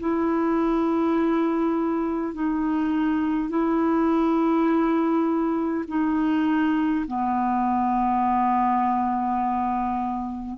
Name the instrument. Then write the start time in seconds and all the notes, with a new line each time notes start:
clarinet
0.00 E4
2.34 D#4
3.50 E4
5.88 D#4
7.07 B3